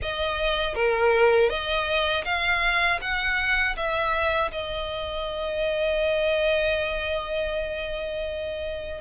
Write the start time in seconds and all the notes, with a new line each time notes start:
0.02 D#5
0.74 A#4
1.49 D#5
2.24 F5
3.01 F#5
3.76 E5
4.51 D#5